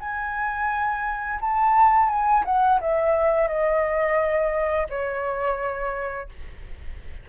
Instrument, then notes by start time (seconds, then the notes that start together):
flute
0.00 G#5
1.41 A5
2.09 G#5
2.45 F#5
2.81 E5
3.48 D#5
4.90 C#5